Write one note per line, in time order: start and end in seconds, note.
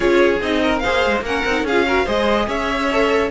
0.00 0.40 C#4
0.00 0.40 F4
0.00 0.61 G#4
0.00 0.40 C#5
0.41 0.82 C4
0.41 0.83 D#4
0.41 0.78 D#5
0.62 0.82 A#4
0.78 1.25 G#4
0.78 1.24 C5
0.78 1.20 F5
0.86 1.05 A#3
1.05 1.21 G#3
1.21 1.41 A#3
1.21 1.47 C#4
1.21 1.65 A#4
1.21 1.66 F#5
1.45 1.62 C4
1.45 1.69 D#4
1.62 2.04 C#4
1.62 1.86 G#4
1.62 2.08 F5
1.70 1.86 F4
1.86 2.05 F#4
1.86 2.04 A#4
2.04 2.47 G#3
2.04 2.88 G#4
2.04 2.46 C5
2.04 2.48 D#5
2.47 3.30 C#4
2.47 3.30 C#5
2.47 3.30 E5
2.92 3.30 A4